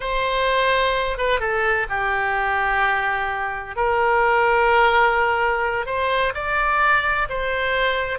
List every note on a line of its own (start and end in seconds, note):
0.00 1.17 C5
1.17 1.40 B4
1.40 1.86 A4
1.89 3.75 G4
3.75 5.86 A#4
5.86 6.33 C5
6.34 7.28 D5
7.29 8.18 C5